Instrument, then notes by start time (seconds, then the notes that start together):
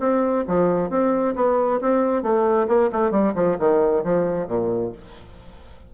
bassoon
0.00 C4
0.48 F3
0.90 C4
1.36 B3
1.81 C4
2.23 A3
2.68 A#3
2.92 A3
3.11 G3
3.35 F3
3.59 D#3
4.04 F3
4.48 A#2